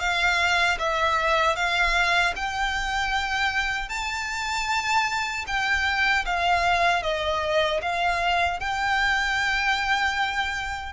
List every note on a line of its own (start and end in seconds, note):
0.00 0.78 F5
0.79 1.56 E5
1.56 2.34 F5
2.36 3.89 G5
3.89 5.45 A5
5.47 6.25 G5
6.26 7.03 F5
7.03 7.81 D#5
7.82 8.60 F5
8.60 10.93 G5